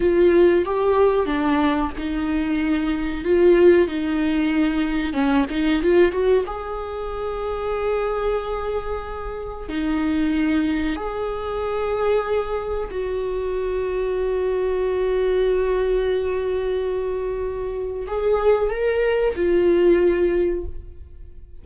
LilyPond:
\new Staff \with { instrumentName = "viola" } { \time 4/4 \tempo 4 = 93 f'4 g'4 d'4 dis'4~ | dis'4 f'4 dis'2 | cis'8 dis'8 f'8 fis'8 gis'2~ | gis'2. dis'4~ |
dis'4 gis'2. | fis'1~ | fis'1 | gis'4 ais'4 f'2 | }